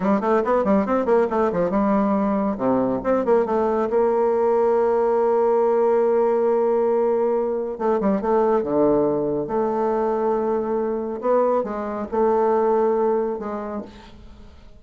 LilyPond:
\new Staff \with { instrumentName = "bassoon" } { \time 4/4 \tempo 4 = 139 g8 a8 b8 g8 c'8 ais8 a8 f8 | g2 c4 c'8 ais8 | a4 ais2.~ | ais1~ |
ais2 a8 g8 a4 | d2 a2~ | a2 b4 gis4 | a2. gis4 | }